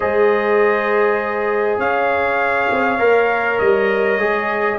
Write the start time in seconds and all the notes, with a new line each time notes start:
0.00 G#3 G#4 C5 D#5
1.78 C#4 C#5 F5
2.71 C4
2.98 A#3 A#4
3.58 G3 D#5
4.18 G#3 G#4